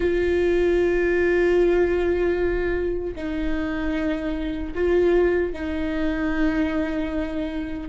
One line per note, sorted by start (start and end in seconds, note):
0.00 3.14 F4
3.15 4.73 D#4
4.74 5.53 F4
5.53 7.88 D#4